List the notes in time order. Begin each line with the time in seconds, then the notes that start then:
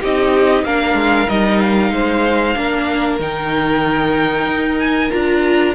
0.00 C4 D#4 G4 D#5
0.63 A#3 D4 A#4 F5
0.94 G#3
1.28 G3 D#4 D#5
1.59 F5
1.91 G#3 C5
2.55 A#3 D4 A#4
3.19 D#3 D#4 G5
4.46 D#4
4.79 G#5
5.10 D4 F4 A#5